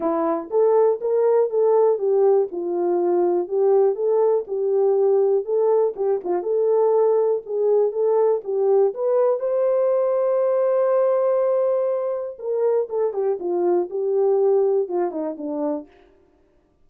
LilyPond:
\new Staff \with { instrumentName = "horn" } { \time 4/4 \tempo 4 = 121 e'4 a'4 ais'4 a'4 | g'4 f'2 g'4 | a'4 g'2 a'4 | g'8 f'8 a'2 gis'4 |
a'4 g'4 b'4 c''4~ | c''1~ | c''4 ais'4 a'8 g'8 f'4 | g'2 f'8 dis'8 d'4 | }